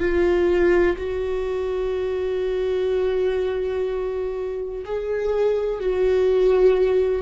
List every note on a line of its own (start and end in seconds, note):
0.00 0.97 F4
0.97 4.84 F#4
4.85 5.80 G#4
5.80 7.22 F#4